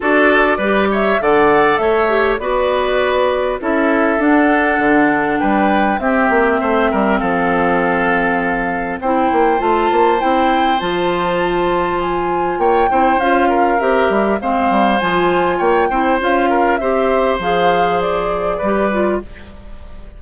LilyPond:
<<
  \new Staff \with { instrumentName = "flute" } { \time 4/4 \tempo 4 = 100 d''4. e''8 fis''4 e''4 | d''2 e''4 fis''4~ | fis''4 g''4 e''2 | f''2. g''4 |
a''4 g''4 a''2 | gis''4 g''4 f''4 e''4 | f''4 gis''4 g''4 f''4 | e''4 f''4 d''2 | }
  \new Staff \with { instrumentName = "oboe" } { \time 4/4 a'4 b'8 cis''8 d''4 cis''4 | b'2 a'2~ | a'4 b'4 g'4 c''8 ais'8 | a'2. c''4~ |
c''1~ | c''4 cis''8 c''4 ais'4. | c''2 cis''8 c''4 ais'8 | c''2. b'4 | }
  \new Staff \with { instrumentName = "clarinet" } { \time 4/4 fis'4 g'4 a'4. g'8 | fis'2 e'4 d'4~ | d'2 c'2~ | c'2. e'4 |
f'4 e'4 f'2~ | f'4. e'8 f'4 g'4 | c'4 f'4. e'8 f'4 | g'4 gis'2 g'8 f'8 | }
  \new Staff \with { instrumentName = "bassoon" } { \time 4/4 d'4 g4 d4 a4 | b2 cis'4 d'4 | d4 g4 c'8 ais8 a8 g8 | f2. c'8 ais8 |
a8 ais8 c'4 f2~ | f4 ais8 c'8 cis'4 c'8 g8 | gis8 g8 f4 ais8 c'8 cis'4 | c'4 f2 g4 | }
>>